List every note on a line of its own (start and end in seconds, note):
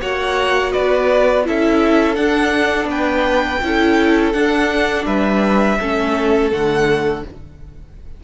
0.00 0.74 A#3
0.00 1.44 F#4
0.00 0.72 C#5
0.00 0.72 F#5
0.72 1.48 B3
0.72 1.44 B4
0.72 1.44 D5
1.44 2.16 C#4
1.44 2.14 E4
1.44 2.89 A4
1.44 2.15 E5
2.14 3.59 D4
2.14 2.85 D4
2.14 2.87 F#5
2.85 3.57 B3
2.85 3.61 B4
2.85 4.32 G5
3.62 4.34 C#4
3.62 4.33 E4
3.62 5.06 A4
4.32 5.78 D4
4.32 5.06 D4
4.32 5.04 F#5
5.06 5.78 G3
5.06 5.78 B4
5.06 6.50 E5
5.79 6.52 A3
5.79 6.51 C#4
5.79 7.23 A4
6.51 7.24 D3
6.51 7.23 A3
6.51 7.24 F#5